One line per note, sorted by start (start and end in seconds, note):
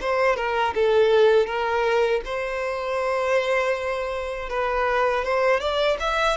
0.00 0.36 C5
0.36 0.73 A#4
0.74 1.46 A4
1.46 2.21 A#4
2.25 4.49 C5
4.49 5.24 B4
5.24 5.59 C5
5.59 5.97 D5
5.99 6.37 E5